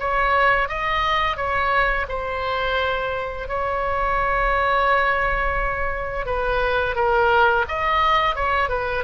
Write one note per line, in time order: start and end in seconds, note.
0.00 0.69 C#5
0.69 1.37 D#5
1.37 2.06 C#5
2.09 3.49 C5
3.49 6.26 C#5
6.26 6.96 B4
6.96 7.66 A#4
7.69 8.36 D#5
8.36 8.69 C#5
8.69 9.04 B4